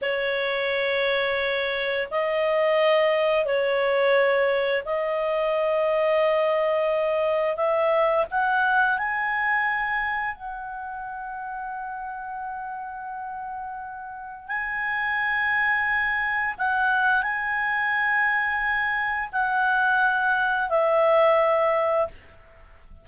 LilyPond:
\new Staff \with { instrumentName = "clarinet" } { \time 4/4 \tempo 4 = 87 cis''2. dis''4~ | dis''4 cis''2 dis''4~ | dis''2. e''4 | fis''4 gis''2 fis''4~ |
fis''1~ | fis''4 gis''2. | fis''4 gis''2. | fis''2 e''2 | }